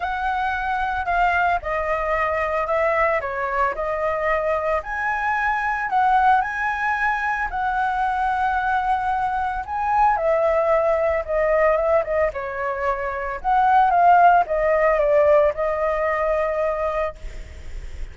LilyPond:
\new Staff \with { instrumentName = "flute" } { \time 4/4 \tempo 4 = 112 fis''2 f''4 dis''4~ | dis''4 e''4 cis''4 dis''4~ | dis''4 gis''2 fis''4 | gis''2 fis''2~ |
fis''2 gis''4 e''4~ | e''4 dis''4 e''8 dis''8 cis''4~ | cis''4 fis''4 f''4 dis''4 | d''4 dis''2. | }